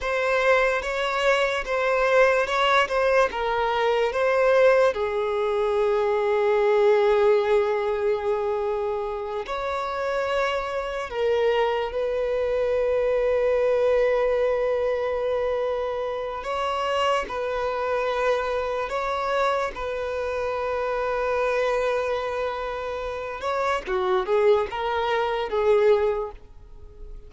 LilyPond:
\new Staff \with { instrumentName = "violin" } { \time 4/4 \tempo 4 = 73 c''4 cis''4 c''4 cis''8 c''8 | ais'4 c''4 gis'2~ | gis'2.~ gis'8 cis''8~ | cis''4. ais'4 b'4.~ |
b'1 | cis''4 b'2 cis''4 | b'1~ | b'8 cis''8 fis'8 gis'8 ais'4 gis'4 | }